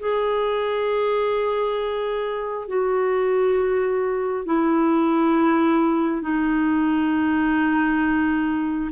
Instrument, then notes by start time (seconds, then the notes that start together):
clarinet
0.00 G#4
2.68 F#4
4.46 E4
6.22 D#4